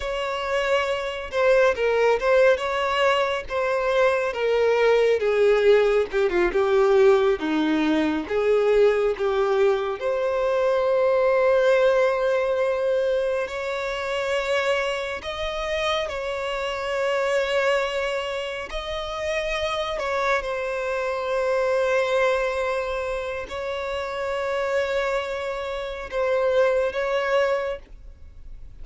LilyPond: \new Staff \with { instrumentName = "violin" } { \time 4/4 \tempo 4 = 69 cis''4. c''8 ais'8 c''8 cis''4 | c''4 ais'4 gis'4 g'16 f'16 g'8~ | g'8 dis'4 gis'4 g'4 c''8~ | c''2.~ c''8 cis''8~ |
cis''4. dis''4 cis''4.~ | cis''4. dis''4. cis''8 c''8~ | c''2. cis''4~ | cis''2 c''4 cis''4 | }